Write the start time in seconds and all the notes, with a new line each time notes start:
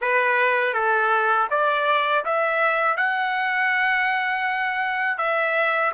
0.01 B4
0.73 A4
1.50 D5
2.25 E5
2.96 F#5
5.18 E5